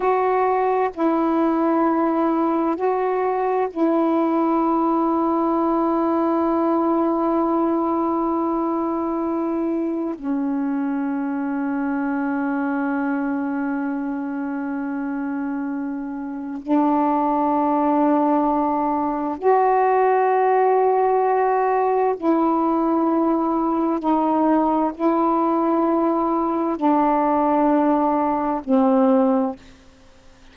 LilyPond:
\new Staff \with { instrumentName = "saxophone" } { \time 4/4 \tempo 4 = 65 fis'4 e'2 fis'4 | e'1~ | e'2. cis'4~ | cis'1~ |
cis'2 d'2~ | d'4 fis'2. | e'2 dis'4 e'4~ | e'4 d'2 c'4 | }